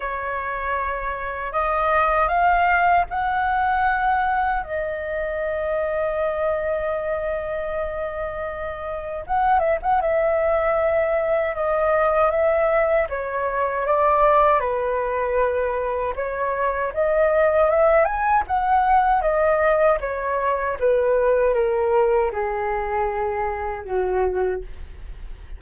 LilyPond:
\new Staff \with { instrumentName = "flute" } { \time 4/4 \tempo 4 = 78 cis''2 dis''4 f''4 | fis''2 dis''2~ | dis''1 | fis''8 e''16 fis''16 e''2 dis''4 |
e''4 cis''4 d''4 b'4~ | b'4 cis''4 dis''4 e''8 gis''8 | fis''4 dis''4 cis''4 b'4 | ais'4 gis'2 fis'4 | }